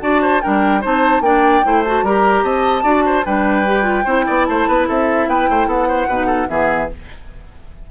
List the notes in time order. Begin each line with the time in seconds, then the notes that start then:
0.00 D4 F#4 D5 A5
0.22 C5
0.41 G3 D4 A#4 G5
0.81 C4 D#4 C5 A5
1.20 A#3 D4 D5 G5
1.63 A3 E4 C5
1.83 F#4 A5
2.02 G3 G4 A#4 A#5
2.43 C4 D#5 A5
2.82 D4 F#4 D5
3.05 C5
3.25 G3 D4 B4 G5
3.66 G4
3.82 F4
4.04 C4 E4 C5
4.26 B3 D5
4.45 A3 C5 A5
4.68 B3 B4
4.88 C4 A4 E5
5.27 B3 B4 G5
5.49 A3 C5
5.66 B3 A4 F#5
5.87 C5
6.07 B2 D#4 B4
6.26 A4
6.47 E3 B3 G#4 E5